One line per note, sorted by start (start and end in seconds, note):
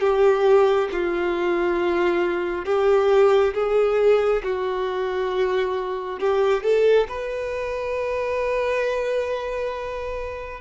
0.00 0.88 G4
0.92 2.65 F4
2.65 3.53 G4
3.54 4.42 G#4
4.43 6.19 F#4
6.19 6.63 G4
6.63 7.07 A4
7.08 10.60 B4